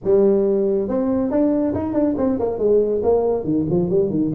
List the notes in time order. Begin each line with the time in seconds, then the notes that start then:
0.04 G3
0.88 C4
1.30 D4
1.74 D#4
1.93 D4
2.17 C4
2.39 A#3
2.58 G#3
3.03 A#3
3.44 D#3
3.69 F3
3.89 G3
4.09 D#3